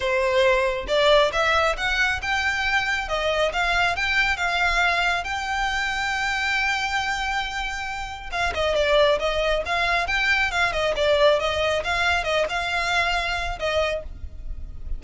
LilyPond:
\new Staff \with { instrumentName = "violin" } { \time 4/4 \tempo 4 = 137 c''2 d''4 e''4 | fis''4 g''2 dis''4 | f''4 g''4 f''2 | g''1~ |
g''2. f''8 dis''8 | d''4 dis''4 f''4 g''4 | f''8 dis''8 d''4 dis''4 f''4 | dis''8 f''2~ f''8 dis''4 | }